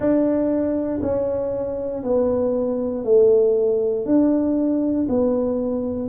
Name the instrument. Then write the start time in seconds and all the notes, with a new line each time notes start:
tuba
0.00 D4
1.02 C#4
2.03 B3
3.04 A3
4.05 D4
5.08 B3